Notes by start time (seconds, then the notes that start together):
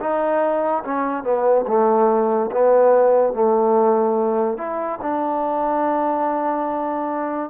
0.00 D#4
0.84 C#4
1.23 B3
1.67 A3
2.52 B3
3.33 A3
4.58 E4
5.02 D4